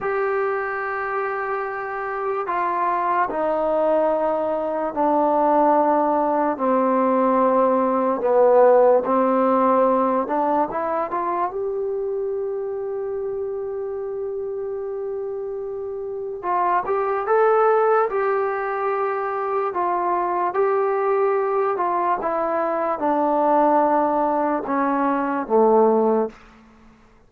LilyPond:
\new Staff \with { instrumentName = "trombone" } { \time 4/4 \tempo 4 = 73 g'2. f'4 | dis'2 d'2 | c'2 b4 c'4~ | c'8 d'8 e'8 f'8 g'2~ |
g'1 | f'8 g'8 a'4 g'2 | f'4 g'4. f'8 e'4 | d'2 cis'4 a4 | }